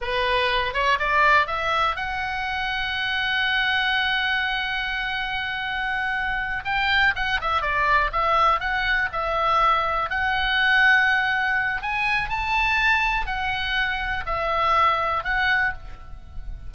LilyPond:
\new Staff \with { instrumentName = "oboe" } { \time 4/4 \tempo 4 = 122 b'4. cis''8 d''4 e''4 | fis''1~ | fis''1~ | fis''4. g''4 fis''8 e''8 d''8~ |
d''8 e''4 fis''4 e''4.~ | e''8 fis''2.~ fis''8 | gis''4 a''2 fis''4~ | fis''4 e''2 fis''4 | }